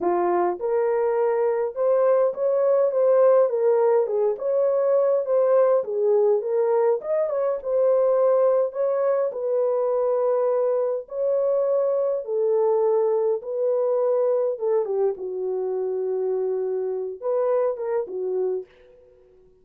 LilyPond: \new Staff \with { instrumentName = "horn" } { \time 4/4 \tempo 4 = 103 f'4 ais'2 c''4 | cis''4 c''4 ais'4 gis'8 cis''8~ | cis''4 c''4 gis'4 ais'4 | dis''8 cis''8 c''2 cis''4 |
b'2. cis''4~ | cis''4 a'2 b'4~ | b'4 a'8 g'8 fis'2~ | fis'4. b'4 ais'8 fis'4 | }